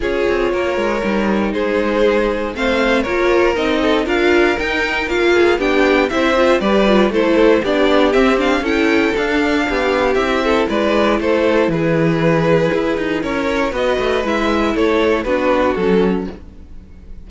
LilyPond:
<<
  \new Staff \with { instrumentName = "violin" } { \time 4/4 \tempo 4 = 118 cis''2. c''4~ | c''4 f''4 cis''4 dis''4 | f''4 g''4 f''4 g''4 | e''4 d''4 c''4 d''4 |
e''8 f''8 g''4 f''2 | e''4 d''4 c''4 b'4~ | b'2 cis''4 dis''4 | e''4 cis''4 b'4 a'4 | }
  \new Staff \with { instrumentName = "violin" } { \time 4/4 gis'4 ais'2 gis'4~ | gis'4 c''4 ais'4. a'8 | ais'2~ ais'8 gis'8 g'4 | c''4 b'4 a'4 g'4~ |
g'4 a'2 g'4~ | g'8 a'8 b'4 a'4 gis'4~ | gis'2 ais'4 b'4~ | b'4 a'4 fis'2 | }
  \new Staff \with { instrumentName = "viola" } { \time 4/4 f'2 dis'2~ | dis'4 c'4 f'4 dis'4 | f'4 dis'4 f'4 d'4 | e'8 f'8 g'8 f'8 e'4 d'4 |
c'8 d'8 e'4 d'2 | e'1~ | e'2. fis'4 | e'2 d'4 cis'4 | }
  \new Staff \with { instrumentName = "cello" } { \time 4/4 cis'8 c'8 ais8 gis8 g4 gis4~ | gis4 a4 ais4 c'4 | d'4 dis'4 ais4 b4 | c'4 g4 a4 b4 |
c'4 cis'4 d'4 b4 | c'4 gis4 a4 e4~ | e4 e'8 dis'8 cis'4 b8 a8 | gis4 a4 b4 fis4 | }
>>